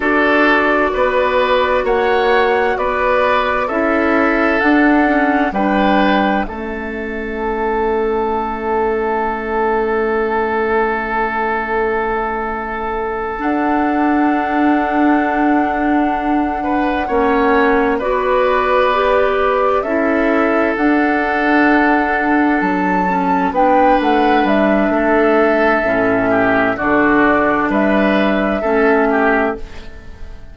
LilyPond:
<<
  \new Staff \with { instrumentName = "flute" } { \time 4/4 \tempo 4 = 65 d''2 fis''4 d''4 | e''4 fis''4 g''4 e''4~ | e''1~ | e''2~ e''8 fis''4.~ |
fis''2.~ fis''8 d''8~ | d''4. e''4 fis''4.~ | fis''8 a''4 g''8 fis''8 e''4.~ | e''4 d''4 e''2 | }
  \new Staff \with { instrumentName = "oboe" } { \time 4/4 a'4 b'4 cis''4 b'4 | a'2 b'4 a'4~ | a'1~ | a'1~ |
a'2 b'8 cis''4 b'8~ | b'4. a'2~ a'8~ | a'4. b'4. a'4~ | a'8 g'8 fis'4 b'4 a'8 g'8 | }
  \new Staff \with { instrumentName = "clarinet" } { \time 4/4 fis'1 | e'4 d'8 cis'8 d'4 cis'4~ | cis'1~ | cis'2~ cis'8 d'4.~ |
d'2~ d'8 cis'4 fis'8~ | fis'8 g'4 e'4 d'4.~ | d'4 cis'8 d'2~ d'8 | cis'4 d'2 cis'4 | }
  \new Staff \with { instrumentName = "bassoon" } { \time 4/4 d'4 b4 ais4 b4 | cis'4 d'4 g4 a4~ | a1~ | a2~ a8 d'4.~ |
d'2~ d'8 ais4 b8~ | b4. cis'4 d'4.~ | d'8 fis4 b8 a8 g8 a4 | a,4 d4 g4 a4 | }
>>